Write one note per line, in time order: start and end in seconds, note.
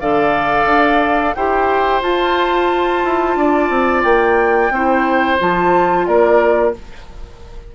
0.00 0.66 D3
0.00 1.36 A4
0.00 1.35 D5
0.00 1.34 F5
0.66 1.33 D4
1.34 2.02 E4
1.34 2.02 G4
1.34 3.38 C5
1.34 2.02 G5
2.02 4.71 F4
2.02 3.04 F4
2.02 4.03 A5
3.04 3.36 E4
3.36 3.70 D4
3.36 4.73 D5
3.70 4.03 C4
4.03 4.70 A#3
4.03 5.38 G5
4.70 5.38 C4
4.70 5.39 E4
4.70 6.08 C5
5.39 6.07 F3
5.39 6.74 F4
5.39 6.06 A5
6.06 6.75 A#3
6.06 6.75 A#4
6.06 6.74 D5